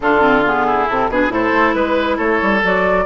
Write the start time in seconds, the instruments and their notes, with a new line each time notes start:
0.00 bassoon D3, clarinet D4, oboe F4, flute A4
0.21 clarinet C4
0.45 clarinet B3, flute G#4
0.66 oboe E4
0.89 bassoon C3, clarinet C4, flute A4
1.09 bassoon B2, clarinet D4, oboe G#4, flute B4
1.29 bassoon A2, clarinet E4, oboe A4, flute C5
1.52 bassoon A3
1.73 bassoon G#3, flute B4, oboe B4
2.16 bassoon A3, oboe A4, flute C#5
2.42 bassoon G3
2.63 bassoon F#3, clarinet F#4, flute D5